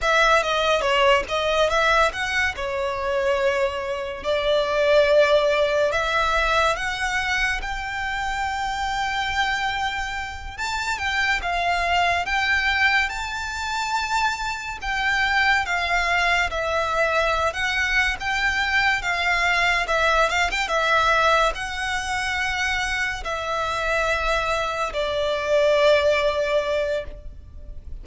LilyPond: \new Staff \with { instrumentName = "violin" } { \time 4/4 \tempo 4 = 71 e''8 dis''8 cis''8 dis''8 e''8 fis''8 cis''4~ | cis''4 d''2 e''4 | fis''4 g''2.~ | g''8 a''8 g''8 f''4 g''4 a''8~ |
a''4. g''4 f''4 e''8~ | e''8. fis''8. g''4 f''4 e''8 | f''16 g''16 e''4 fis''2 e''8~ | e''4. d''2~ d''8 | }